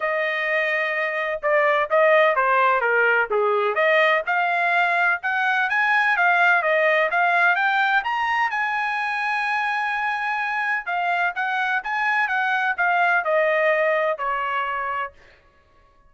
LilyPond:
\new Staff \with { instrumentName = "trumpet" } { \time 4/4 \tempo 4 = 127 dis''2. d''4 | dis''4 c''4 ais'4 gis'4 | dis''4 f''2 fis''4 | gis''4 f''4 dis''4 f''4 |
g''4 ais''4 gis''2~ | gis''2. f''4 | fis''4 gis''4 fis''4 f''4 | dis''2 cis''2 | }